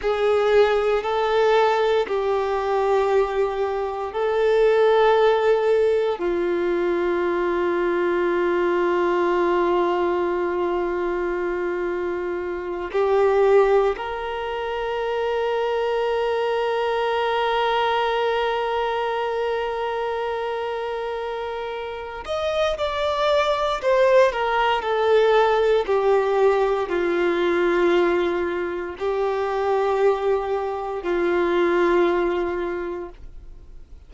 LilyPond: \new Staff \with { instrumentName = "violin" } { \time 4/4 \tempo 4 = 58 gis'4 a'4 g'2 | a'2 f'2~ | f'1~ | f'8 g'4 ais'2~ ais'8~ |
ais'1~ | ais'4. dis''8 d''4 c''8 ais'8 | a'4 g'4 f'2 | g'2 f'2 | }